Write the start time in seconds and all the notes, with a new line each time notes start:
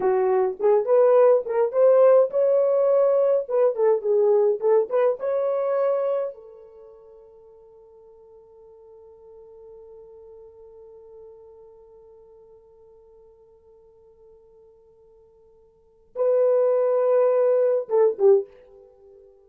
0.00 F#4
0.59 G#4
0.85 B4
1.45 A#4
1.72 C5
2.30 C#5
3.48 B4
3.75 A4
4.01 G#4
4.60 A4
4.89 B4
5.19 C#5
6.34 A4
16.15 B4
17.88 A4
18.18 G4